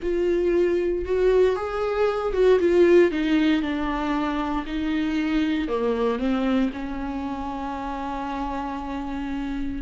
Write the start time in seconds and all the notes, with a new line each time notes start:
0.02 F4
1.05 F#4
1.56 G#4
2.33 F#4
2.59 F4
3.11 D#4
3.61 D4
4.66 D#4
5.68 A#3
6.18 C4
6.73 C#4